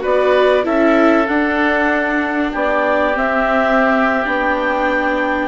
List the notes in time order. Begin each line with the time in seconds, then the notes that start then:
0.00 B3 F#4 B4 D5
0.64 C#4 E4 A4 E5
1.27 D4 F#5
2.52 B3 G4 D5
3.14 C4 E5
4.25 B3 D4 G5